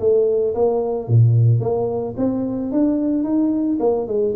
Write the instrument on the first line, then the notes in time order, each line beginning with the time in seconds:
tuba
0.00 A3
0.55 A#3
1.08 A#2
1.60 A#3
2.17 C4
2.72 D4
3.24 D#4
3.80 A#3
4.07 G#3